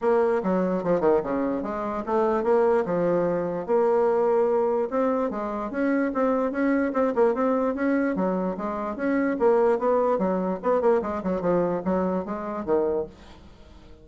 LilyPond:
\new Staff \with { instrumentName = "bassoon" } { \time 4/4 \tempo 4 = 147 ais4 fis4 f8 dis8 cis4 | gis4 a4 ais4 f4~ | f4 ais2. | c'4 gis4 cis'4 c'4 |
cis'4 c'8 ais8 c'4 cis'4 | fis4 gis4 cis'4 ais4 | b4 fis4 b8 ais8 gis8 fis8 | f4 fis4 gis4 dis4 | }